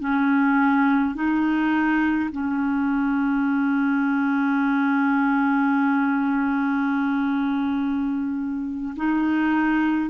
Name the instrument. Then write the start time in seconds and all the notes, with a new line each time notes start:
clarinet
0.00 C#4
1.15 D#4
2.32 C#4
8.96 D#4